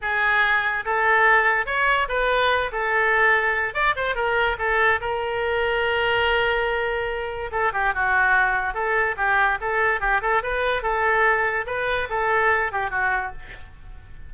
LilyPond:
\new Staff \with { instrumentName = "oboe" } { \time 4/4 \tempo 4 = 144 gis'2 a'2 | cis''4 b'4. a'4.~ | a'4 d''8 c''8 ais'4 a'4 | ais'1~ |
ais'2 a'8 g'8 fis'4~ | fis'4 a'4 g'4 a'4 | g'8 a'8 b'4 a'2 | b'4 a'4. g'8 fis'4 | }